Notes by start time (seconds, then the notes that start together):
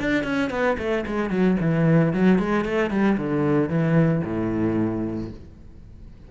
0.00 D4
0.23 C#4
0.50 B3
0.78 A3
1.06 G#3
1.30 F#3
1.60 E3
2.13 F#3
2.38 G#3
2.65 A3
2.90 G3
3.18 D3
3.69 E3
4.24 A2